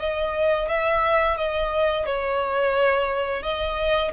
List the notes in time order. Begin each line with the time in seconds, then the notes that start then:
0.00 D#5
0.69 E5
1.37 D#5
2.06 C#5
3.43 D#5